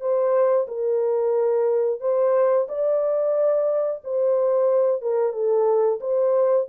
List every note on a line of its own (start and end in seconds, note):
0.00 0.67 C5
0.67 2.00 A#4
2.00 2.67 C5
2.68 4.02 D5
4.04 5.02 C5
5.02 5.32 A#4
5.32 5.99 A4
6.00 6.67 C5